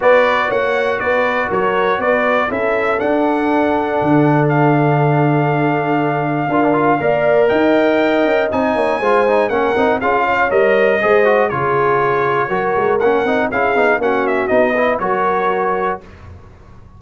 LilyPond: <<
  \new Staff \with { instrumentName = "trumpet" } { \time 4/4 \tempo 4 = 120 d''4 fis''4 d''4 cis''4 | d''4 e''4 fis''2~ | fis''4 f''2.~ | f''2. g''4~ |
g''4 gis''2 fis''4 | f''4 dis''2 cis''4~ | cis''2 fis''4 f''4 | fis''8 e''8 dis''4 cis''2 | }
  \new Staff \with { instrumentName = "horn" } { \time 4/4 b'4 cis''4 b'4 ais'4 | b'4 a'2.~ | a'1~ | a'4 ais'4 d''4 dis''4~ |
dis''4. cis''8 c''4 ais'4 | gis'8 cis''4. c''4 gis'4~ | gis'4 ais'2 gis'4 | fis'4. b'8 ais'2 | }
  \new Staff \with { instrumentName = "trombone" } { \time 4/4 fis'1~ | fis'4 e'4 d'2~ | d'1~ | d'4 f'16 d'16 f'8 ais'2~ |
ais'4 dis'4 f'8 dis'8 cis'8 dis'8 | f'4 ais'4 gis'8 fis'8 f'4~ | f'4 fis'4 cis'8 dis'8 e'8 dis'8 | cis'4 dis'8 e'8 fis'2 | }
  \new Staff \with { instrumentName = "tuba" } { \time 4/4 b4 ais4 b4 fis4 | b4 cis'4 d'2 | d1~ | d4 d'4 ais4 dis'4~ |
dis'8 cis'8 c'8 ais8 gis4 ais8 c'8 | cis'4 g4 gis4 cis4~ | cis4 fis8 gis8 ais8 c'8 cis'8 b8 | ais4 b4 fis2 | }
>>